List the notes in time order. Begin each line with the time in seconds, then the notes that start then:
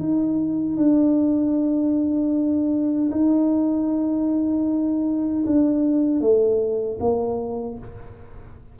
0.00 D#4
0.77 D4
3.11 D#4
5.47 D4
6.21 A3
7.01 A#3